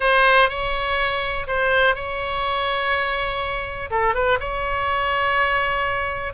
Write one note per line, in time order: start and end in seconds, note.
0.00 0.49 C5
0.49 1.47 C#5
1.47 1.95 C5
1.95 3.90 C#5
3.90 4.14 A4
4.14 4.39 B4
4.39 6.33 C#5